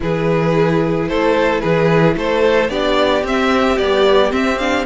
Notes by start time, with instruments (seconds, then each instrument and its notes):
0.00 cello E3, viola E4, violin G#4 B4
1.08 cello A3, violin A4 C5
1.60 cello E3, violin G#4 B4
2.15 cello A3, violin A4 C5
2.69 cello B3, viola D4, violin G4 D5
3.23 cello C4, viola C4, violin E5
3.77 viola G3, cello B3, violin D5
4.30 viola C4, cello C4, violin E5
4.58 viola D4, violin F5